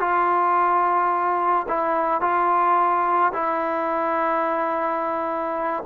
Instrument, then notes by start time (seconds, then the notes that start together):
trombone
0.00 F4
1.68 E4
2.21 F4
3.33 E4